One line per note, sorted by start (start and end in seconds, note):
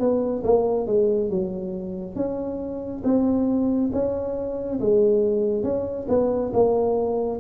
0.00 0.43 B3
0.44 0.87 A#3
0.87 1.30 G#3
1.30 2.16 F#3
2.16 3.03 C#4
3.04 3.91 C4
3.93 4.80 C#4
4.80 5.64 G#3
5.64 6.07 C#4
6.09 6.52 B3
6.53 7.40 A#3